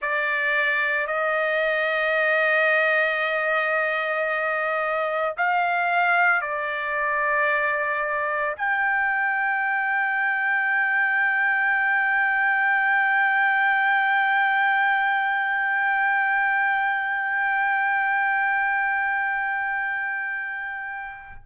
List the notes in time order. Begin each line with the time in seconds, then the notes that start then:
0.01 D5
1.06 D#5
5.37 F5
6.41 D5
8.56 G5